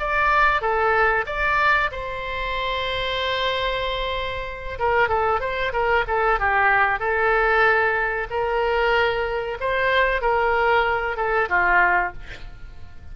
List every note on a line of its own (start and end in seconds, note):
0.00 0.62 D5
0.62 1.26 A4
1.27 1.91 D5
1.92 4.79 C5
4.80 5.09 A#4
5.09 5.41 A4
5.41 5.73 C5
5.73 6.05 A#4
6.08 6.40 A4
6.40 7.00 G4
7.00 8.28 A4
8.31 9.58 A#4
9.61 10.22 C5
10.22 11.17 A#4
11.17 11.49 A4
11.50 12.13 F4